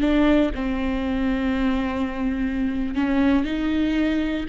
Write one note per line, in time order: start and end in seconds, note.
0.00 0.51 D4
0.55 2.94 C4
2.94 3.44 C#4
3.44 4.46 D#4